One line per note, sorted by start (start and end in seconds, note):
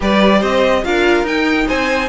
0.00 0.42 G3
0.00 0.84 G4
0.00 0.39 B4
0.00 0.42 D5
0.39 0.84 C4
0.39 0.81 C5
0.39 0.84 D#5
0.84 1.23 D4
0.84 1.25 F4
0.84 1.66 A#4
0.84 1.26 F5
1.23 1.65 D#4
1.23 2.09 D#4
1.23 1.68 G5
1.66 2.09 C4
1.66 2.08 C5
1.66 2.09 G#5